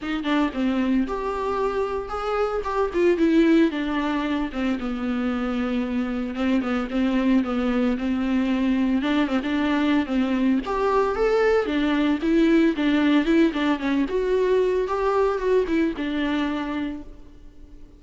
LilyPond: \new Staff \with { instrumentName = "viola" } { \time 4/4 \tempo 4 = 113 dis'8 d'8 c'4 g'2 | gis'4 g'8 f'8 e'4 d'4~ | d'8 c'8 b2. | c'8 b8 c'4 b4 c'4~ |
c'4 d'8 c'16 d'4~ d'16 c'4 | g'4 a'4 d'4 e'4 | d'4 e'8 d'8 cis'8 fis'4. | g'4 fis'8 e'8 d'2 | }